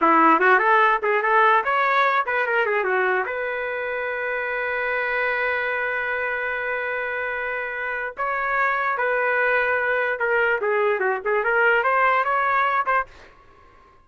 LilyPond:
\new Staff \with { instrumentName = "trumpet" } { \time 4/4 \tempo 4 = 147 e'4 fis'8 a'4 gis'8 a'4 | cis''4. b'8 ais'8 gis'8 fis'4 | b'1~ | b'1~ |
b'1 | cis''2 b'2~ | b'4 ais'4 gis'4 fis'8 gis'8 | ais'4 c''4 cis''4. c''8 | }